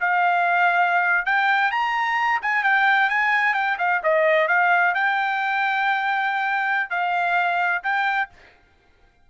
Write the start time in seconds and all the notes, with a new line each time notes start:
0.00 F5
1.26 G5
1.72 A#5
2.42 G#5
2.64 G5
3.10 G#5
3.54 G5
3.79 F5
4.03 D#5
4.48 F5
4.94 G5
6.90 F5
7.83 G5